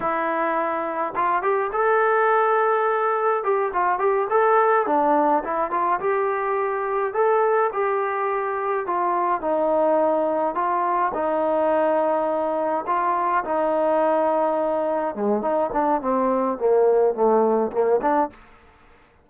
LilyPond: \new Staff \with { instrumentName = "trombone" } { \time 4/4 \tempo 4 = 105 e'2 f'8 g'8 a'4~ | a'2 g'8 f'8 g'8 a'8~ | a'8 d'4 e'8 f'8 g'4.~ | g'8 a'4 g'2 f'8~ |
f'8 dis'2 f'4 dis'8~ | dis'2~ dis'8 f'4 dis'8~ | dis'2~ dis'8 gis8 dis'8 d'8 | c'4 ais4 a4 ais8 d'8 | }